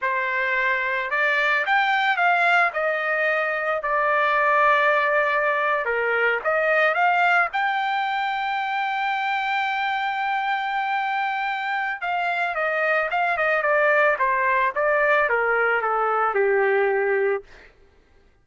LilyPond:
\new Staff \with { instrumentName = "trumpet" } { \time 4/4 \tempo 4 = 110 c''2 d''4 g''4 | f''4 dis''2 d''4~ | d''2~ d''8. ais'4 dis''16~ | dis''8. f''4 g''2~ g''16~ |
g''1~ | g''2 f''4 dis''4 | f''8 dis''8 d''4 c''4 d''4 | ais'4 a'4 g'2 | }